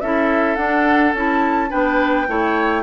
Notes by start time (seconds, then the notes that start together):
0.00 C#4 E4 A4 E5
0.55 D4 F#5
1.13 C#4 E4 A5
1.69 B3 D4 B4 G5
2.27 A3 E4 C#5